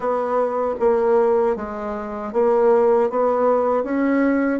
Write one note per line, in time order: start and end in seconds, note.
0.00 0.74 B3
0.79 1.56 A#3
1.56 2.33 G#3
2.33 3.09 A#3
3.09 3.83 B3
3.83 4.60 C#4